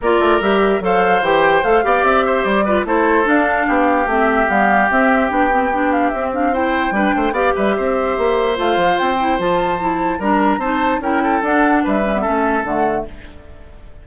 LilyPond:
<<
  \new Staff \with { instrumentName = "flute" } { \time 4/4 \tempo 4 = 147 d''4 e''4 f''4 g''4 | f''4 e''4 d''4 c''4 | f''2 e''4 f''4 | e''4 g''4. f''8 e''8 f''8 |
g''2 f''8 e''4.~ | e''4 f''4 g''4 a''4~ | a''4 ais''4 a''4 g''4 | fis''4 e''2 fis''4 | }
  \new Staff \with { instrumentName = "oboe" } { \time 4/4 ais'2 c''2~ | c''8 d''4 c''4 b'8 a'4~ | a'4 g'2.~ | g'1 |
c''4 b'8 c''8 d''8 b'8 c''4~ | c''1~ | c''4 ais'4 c''4 ais'8 a'8~ | a'4 b'4 a'2 | }
  \new Staff \with { instrumentName = "clarinet" } { \time 4/4 f'4 g'4 a'4 g'4 | a'8 g'2 f'8 e'4 | d'2 c'4 b4 | c'4 d'8 c'8 d'4 c'8 d'8 |
e'4 d'4 g'2~ | g'4 f'4. e'8 f'4 | e'4 d'4 dis'4 e'4 | d'4. cis'16 b16 cis'4 a4 | }
  \new Staff \with { instrumentName = "bassoon" } { \time 4/4 ais8 a8 g4 fis4 e4 | a8 b8 c'4 g4 a4 | d'4 b4 a4 g4 | c'4 b2 c'4~ |
c'4 g8 a8 b8 g8 c'4 | ais4 a8 f8 c'4 f4~ | f4 g4 c'4 cis'4 | d'4 g4 a4 d4 | }
>>